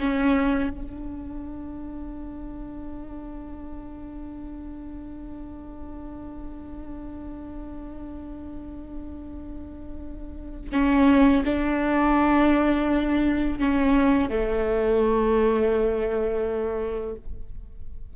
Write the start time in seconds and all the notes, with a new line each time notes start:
0.00 C#4
0.70 D4
10.73 C#4
11.45 D4
13.59 C#4
14.30 A3